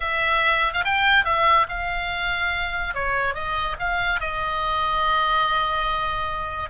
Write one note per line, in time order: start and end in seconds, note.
0.00 0.73 E5
0.73 0.83 F5
0.84 1.25 G5
1.25 1.66 E5
1.69 2.94 F5
2.94 3.34 C#5
3.34 3.76 D#5
3.79 4.20 F5
4.20 6.70 D#5